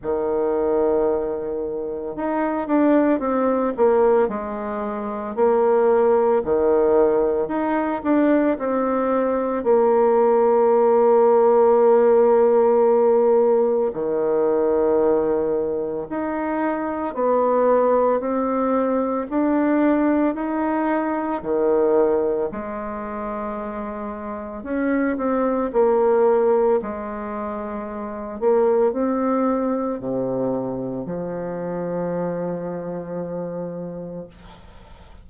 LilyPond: \new Staff \with { instrumentName = "bassoon" } { \time 4/4 \tempo 4 = 56 dis2 dis'8 d'8 c'8 ais8 | gis4 ais4 dis4 dis'8 d'8 | c'4 ais2.~ | ais4 dis2 dis'4 |
b4 c'4 d'4 dis'4 | dis4 gis2 cis'8 c'8 | ais4 gis4. ais8 c'4 | c4 f2. | }